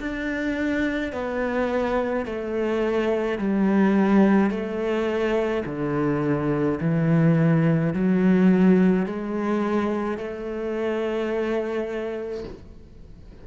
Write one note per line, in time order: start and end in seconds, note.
0.00 1.13 D4
1.13 2.26 B3
2.26 3.39 A3
3.39 4.50 G3
4.50 5.63 A3
5.66 6.79 D3
6.81 7.94 E3
7.94 9.06 F#3
9.06 10.18 G#3
10.18 12.44 A3